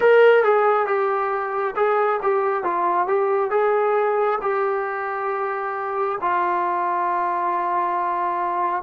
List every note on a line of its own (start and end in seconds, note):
0.00 0.43 A#4
0.43 0.86 G#4
0.86 1.74 G4
1.76 2.20 G#4
2.22 2.63 G4
2.63 3.07 F4
3.07 3.50 G4
3.50 4.38 G#4
4.41 6.18 G4
6.21 8.82 F4